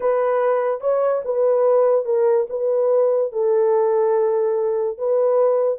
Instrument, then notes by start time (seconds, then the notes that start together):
horn
0.00 B4
0.80 C#5
1.25 B4
2.05 A#4
2.49 B4
3.32 A4
4.98 B4